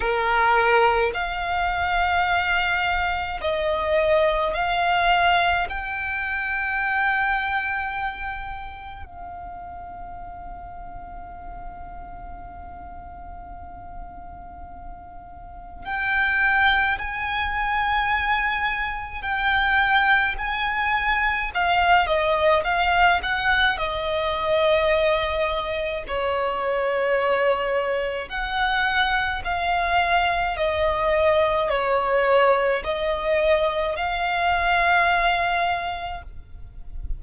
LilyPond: \new Staff \with { instrumentName = "violin" } { \time 4/4 \tempo 4 = 53 ais'4 f''2 dis''4 | f''4 g''2. | f''1~ | f''2 g''4 gis''4~ |
gis''4 g''4 gis''4 f''8 dis''8 | f''8 fis''8 dis''2 cis''4~ | cis''4 fis''4 f''4 dis''4 | cis''4 dis''4 f''2 | }